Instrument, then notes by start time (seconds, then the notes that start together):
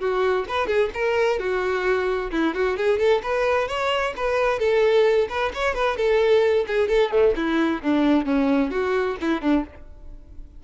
violin
0.00 F#4
0.49 B4
0.67 G#4
0.94 A#4
1.39 F#4
2.31 E4
2.54 F#4
2.77 G#4
2.99 A4
3.23 B4
3.68 C#5
4.17 B4
4.59 A4
5.29 B4
5.54 C#5
5.74 B4
5.97 A4
6.67 G#4
6.88 A4
7.11 A3
7.36 E4
7.82 D4
8.26 C#4
8.71 F#4
9.21 E4
9.41 D4